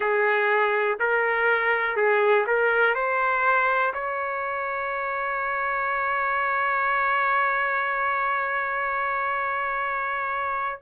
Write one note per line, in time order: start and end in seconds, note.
0.00 0.98 G#4
0.99 1.96 A#4
1.96 2.45 G#4
2.46 2.94 A#4
2.94 3.93 C5
3.93 10.82 C#5